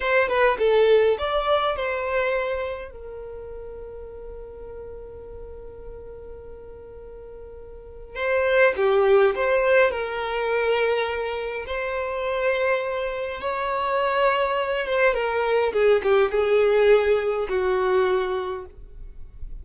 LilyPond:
\new Staff \with { instrumentName = "violin" } { \time 4/4 \tempo 4 = 103 c''8 b'8 a'4 d''4 c''4~ | c''4 ais'2.~ | ais'1~ | ais'2 c''4 g'4 |
c''4 ais'2. | c''2. cis''4~ | cis''4. c''8 ais'4 gis'8 g'8 | gis'2 fis'2 | }